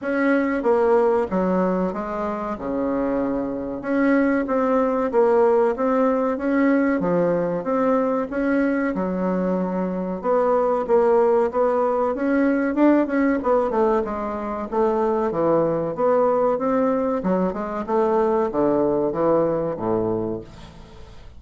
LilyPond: \new Staff \with { instrumentName = "bassoon" } { \time 4/4 \tempo 4 = 94 cis'4 ais4 fis4 gis4 | cis2 cis'4 c'4 | ais4 c'4 cis'4 f4 | c'4 cis'4 fis2 |
b4 ais4 b4 cis'4 | d'8 cis'8 b8 a8 gis4 a4 | e4 b4 c'4 fis8 gis8 | a4 d4 e4 a,4 | }